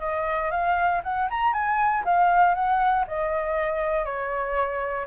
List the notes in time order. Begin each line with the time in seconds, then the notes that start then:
0.00 D#5
0.51 F5
1.04 F#5
1.30 A#5
1.53 G#5
2.05 F5
2.55 F#5
3.08 D#5
4.05 C#5